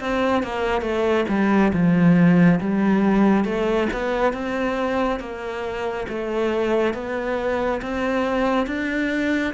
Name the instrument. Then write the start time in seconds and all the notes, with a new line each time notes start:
cello
0.00 C4
0.43 A#3
0.81 A3
1.28 G3
1.73 F3
2.60 G3
3.44 A3
3.93 B3
4.33 C4
5.20 A#3
6.09 A3
6.94 B3
7.82 C4
8.67 D4